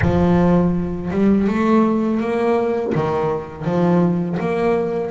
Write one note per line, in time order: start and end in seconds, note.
0.01 1.10 F3
1.10 1.47 G3
1.47 2.20 A3
2.20 2.93 A#3
2.94 3.64 D#3
3.64 4.37 F3
4.39 5.11 A#3